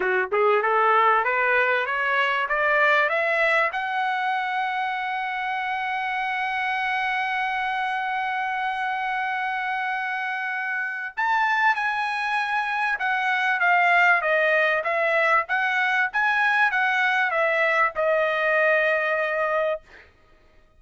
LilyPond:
\new Staff \with { instrumentName = "trumpet" } { \time 4/4 \tempo 4 = 97 fis'8 gis'8 a'4 b'4 cis''4 | d''4 e''4 fis''2~ | fis''1~ | fis''1~ |
fis''2 a''4 gis''4~ | gis''4 fis''4 f''4 dis''4 | e''4 fis''4 gis''4 fis''4 | e''4 dis''2. | }